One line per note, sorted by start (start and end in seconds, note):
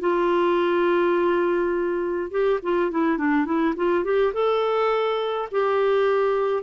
0.00 2.31 F4
2.31 2.60 G4
2.62 2.91 F4
2.91 3.17 E4
3.17 3.45 D4
3.45 3.74 E4
3.76 4.04 F4
4.04 4.32 G4
4.33 5.48 A4
5.51 6.63 G4